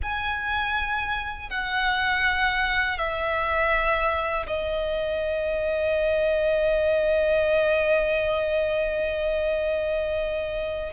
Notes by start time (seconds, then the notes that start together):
0.02 G#5
1.49 F#5
2.98 E5
4.46 D#5